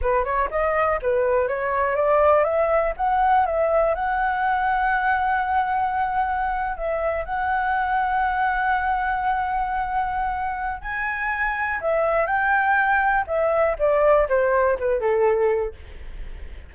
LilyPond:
\new Staff \with { instrumentName = "flute" } { \time 4/4 \tempo 4 = 122 b'8 cis''8 dis''4 b'4 cis''4 | d''4 e''4 fis''4 e''4 | fis''1~ | fis''4.~ fis''16 e''4 fis''4~ fis''16~ |
fis''1~ | fis''2 gis''2 | e''4 g''2 e''4 | d''4 c''4 b'8 a'4. | }